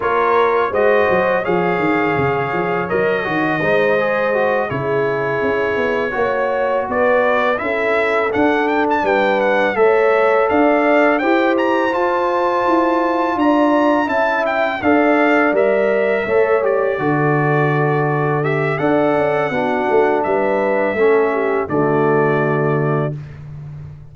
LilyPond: <<
  \new Staff \with { instrumentName = "trumpet" } { \time 4/4 \tempo 4 = 83 cis''4 dis''4 f''2 | dis''2~ dis''8 cis''4.~ | cis''4. d''4 e''4 fis''8 | g''16 a''16 g''8 fis''8 e''4 f''4 g''8 |
ais''8 a''2 ais''4 a''8 | g''8 f''4 e''4. d''4~ | d''4. e''8 fis''2 | e''2 d''2 | }
  \new Staff \with { instrumentName = "horn" } { \time 4/4 ais'4 c''4 cis''2~ | cis''4 c''4. gis'4.~ | gis'8 cis''4 b'4 a'4.~ | a'8 b'4 cis''4 d''4 c''8~ |
c''2~ c''8 d''4 e''8~ | e''8 d''2 cis''4 a'8~ | a'2 d''4 fis'4 | b'4 a'8 g'8 fis'2 | }
  \new Staff \with { instrumentName = "trombone" } { \time 4/4 f'4 fis'4 gis'2 | ais'8 fis'8 dis'8 gis'8 fis'8 e'4.~ | e'8 fis'2 e'4 d'8~ | d'4. a'2 g'8~ |
g'8 f'2. e'8~ | e'8 a'4 ais'4 a'8 g'8 fis'8~ | fis'4. g'8 a'4 d'4~ | d'4 cis'4 a2 | }
  \new Staff \with { instrumentName = "tuba" } { \time 4/4 ais4 gis8 fis8 f8 dis8 cis8 f8 | fis8 dis8 gis4. cis4 cis'8 | b8 ais4 b4 cis'4 d'8~ | d'8 g4 a4 d'4 e'8~ |
e'8 f'4 e'4 d'4 cis'8~ | cis'8 d'4 g4 a4 d8~ | d2 d'8 cis'8 b8 a8 | g4 a4 d2 | }
>>